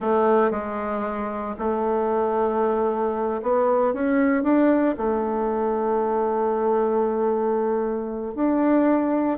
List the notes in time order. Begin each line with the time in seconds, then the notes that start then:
0.00 A3
0.51 G#3
1.58 A3
3.42 B3
3.93 C#4
4.43 D4
4.97 A3
8.35 D4